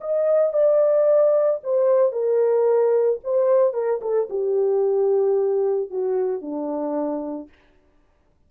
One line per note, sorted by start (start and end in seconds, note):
0.00 0.53 D#5
0.53 1.60 D5
1.63 2.12 C5
2.12 3.19 A#4
3.23 3.73 C5
3.73 4.00 A#4
4.01 4.28 A4
4.29 5.90 G4
5.90 6.41 F#4
6.41 7.48 D4